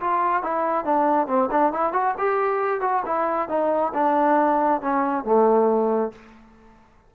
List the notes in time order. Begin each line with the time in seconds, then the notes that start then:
0.00 F4
0.42 E4
0.85 D4
1.27 C4
1.51 D4
1.72 E4
1.93 F#4
2.18 G4
2.80 F#4
3.05 E4
3.49 D#4
3.94 D4
4.81 C#4
5.24 A3